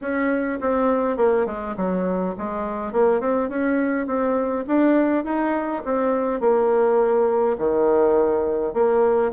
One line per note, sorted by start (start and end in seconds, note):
0.01 0.59 C#4
0.61 1.17 C4
1.17 1.46 A#3
1.46 1.75 G#3
1.76 2.35 F#3
2.38 2.92 G#3
2.92 3.20 A#3
3.20 3.49 C4
3.49 4.06 C#4
4.06 4.65 C4
4.67 5.24 D4
5.24 5.82 D#4
5.84 6.40 C4
6.40 7.57 A#3
7.58 8.73 D#3
8.73 9.31 A#3